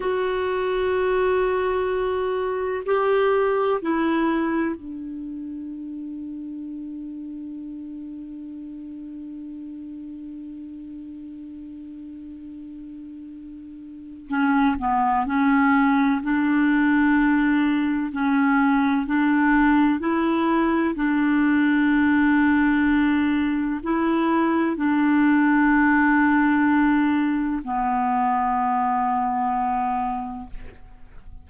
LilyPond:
\new Staff \with { instrumentName = "clarinet" } { \time 4/4 \tempo 4 = 63 fis'2. g'4 | e'4 d'2.~ | d'1~ | d'2. cis'8 b8 |
cis'4 d'2 cis'4 | d'4 e'4 d'2~ | d'4 e'4 d'2~ | d'4 b2. | }